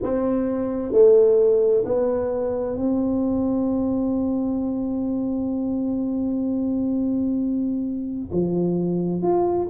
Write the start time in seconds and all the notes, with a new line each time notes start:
0.02 C4
0.92 A3
1.85 B3
2.76 C4
8.32 F3
9.22 F4